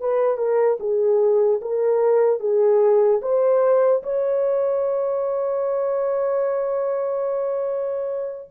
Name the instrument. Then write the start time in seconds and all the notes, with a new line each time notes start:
horn
0.00 B4
0.37 A#4
0.80 G#4
1.61 A#4
2.40 G#4
3.21 C5
4.03 C#5